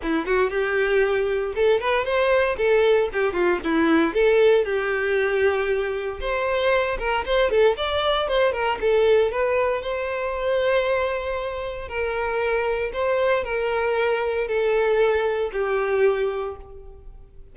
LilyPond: \new Staff \with { instrumentName = "violin" } { \time 4/4 \tempo 4 = 116 e'8 fis'8 g'2 a'8 b'8 | c''4 a'4 g'8 f'8 e'4 | a'4 g'2. | c''4. ais'8 c''8 a'8 d''4 |
c''8 ais'8 a'4 b'4 c''4~ | c''2. ais'4~ | ais'4 c''4 ais'2 | a'2 g'2 | }